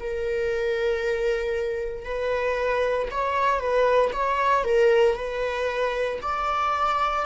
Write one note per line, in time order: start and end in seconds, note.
0.00 2.05 A#4
2.05 3.08 B4
3.11 3.59 C#5
3.59 4.11 B4
4.12 4.64 C#5
4.64 5.16 A#4
5.16 6.19 B4
6.22 7.26 D5